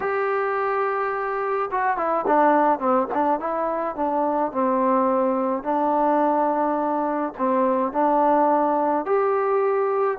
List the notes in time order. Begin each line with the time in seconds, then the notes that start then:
0.00 G4
1.71 F#4
1.97 E4
2.26 D4
2.79 C4
3.14 D4
3.39 E4
3.95 D4
4.52 C4
5.63 D4
7.37 C4
7.92 D4
9.05 G4